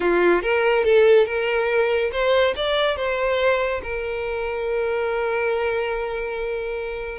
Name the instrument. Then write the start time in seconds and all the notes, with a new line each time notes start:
violin
0.00 F4
0.42 A#4
0.84 A4
1.26 A#4
2.12 C5
2.55 D5
2.96 C5
3.82 A#4